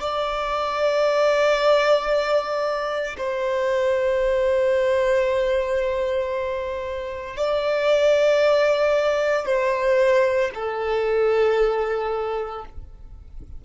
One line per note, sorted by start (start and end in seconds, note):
0.00 3.16 D5
3.18 7.36 C5
7.36 9.45 D5
9.45 10.51 C5
10.54 12.65 A4